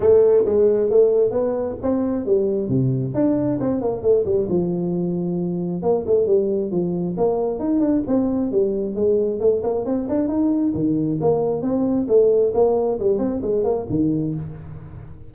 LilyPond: \new Staff \with { instrumentName = "tuba" } { \time 4/4 \tempo 4 = 134 a4 gis4 a4 b4 | c'4 g4 c4 d'4 | c'8 ais8 a8 g8 f2~ | f4 ais8 a8 g4 f4 |
ais4 dis'8 d'8 c'4 g4 | gis4 a8 ais8 c'8 d'8 dis'4 | dis4 ais4 c'4 a4 | ais4 g8 c'8 gis8 ais8 dis4 | }